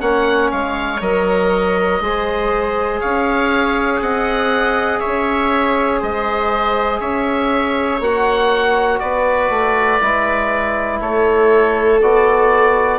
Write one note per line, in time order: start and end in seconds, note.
0.00 0.51 A#3
0.00 1.00 C#4
0.00 2.01 C#5
0.00 0.51 F#5
0.51 1.00 G#3
0.51 1.01 F5
1.00 2.00 F#3
1.00 2.00 A#4
1.00 3.00 D#5
2.01 3.01 G#3
2.01 8.01 G#4
2.01 3.01 C5
3.00 4.01 C#4
3.00 4.01 C#5
3.00 4.00 F5
4.01 5.01 C4
4.01 5.00 D#5
4.01 4.99 F#5
4.99 5.99 C#5
4.99 5.99 E5
5.06 6.02 C#4
5.99 7.00 G#3
5.99 6.99 C5
5.99 7.00 D#5
7.00 8.00 C#4
7.00 9.00 C#5
7.00 8.00 E5
8.00 9.00 A#3
8.00 10.00 F#4
8.00 8.99 F#5
8.99 9.49 B3
8.99 11.01 B4
8.99 10.99 D5
9.49 9.99 A3
10.00 11.00 G#3
10.00 12.00 E4
11.00 12.00 A3
11.00 12.99 A4
11.00 12.01 C#5
12.01 12.99 B3
12.01 12.99 F#4
12.01 12.99 D5